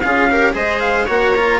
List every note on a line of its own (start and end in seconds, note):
0.00 0.54 C#4
0.00 0.30 F4
0.00 0.31 G#4
0.00 0.53 F5
0.30 0.53 G4
0.30 0.54 A#4
0.53 1.07 G#3
0.53 1.06 G#4
0.53 1.05 C5
0.53 0.80 D#5
0.80 1.06 F5
1.05 1.60 A#3
1.05 1.34 F#4
1.05 1.59 C#5
1.05 1.34 F#5
1.34 1.60 F4
1.34 1.60 A#5